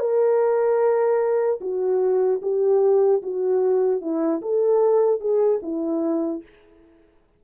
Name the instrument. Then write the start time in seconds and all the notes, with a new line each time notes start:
horn
0.00 A#4
1.61 F#4
2.43 G4
3.23 F#4
4.02 E4
4.42 A4
5.21 G#4
5.63 E4